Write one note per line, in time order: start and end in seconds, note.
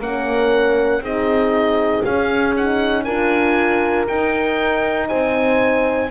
0.00 1.01 A#3
0.00 1.03 C#4
0.00 1.02 A#4
0.00 1.04 F#5
1.01 2.03 C4
1.01 2.05 D#4
1.01 3.04 G#4
1.01 2.04 D#5
2.04 2.56 C#4
2.04 3.06 C#4
2.04 2.55 F5
2.57 3.06 D#4
2.57 3.04 F#5
3.04 4.08 D4
3.04 4.08 F4
3.04 5.08 A#4
3.04 4.06 G#5
4.08 6.11 D#4
4.08 5.10 D#4
4.08 5.08 G5
5.08 6.11 C4
5.08 6.10 C5
5.08 6.10 G#5